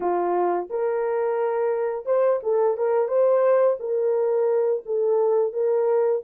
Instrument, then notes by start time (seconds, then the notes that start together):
horn
0.00 F4
0.70 A#4
2.05 C5
2.43 A4
2.77 A#4
3.08 C5
3.79 A#4
4.85 A4
5.52 A#4